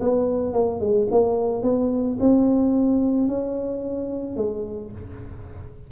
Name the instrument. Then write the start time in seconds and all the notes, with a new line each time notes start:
tuba
0.00 B3
0.53 A#3
0.80 G#3
1.10 A#3
1.62 B3
2.19 C4
3.27 C#4
4.36 G#3